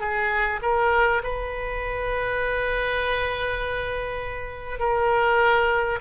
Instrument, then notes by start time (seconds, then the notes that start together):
oboe
0.00 G#4
0.62 A#4
1.23 B4
4.79 A#4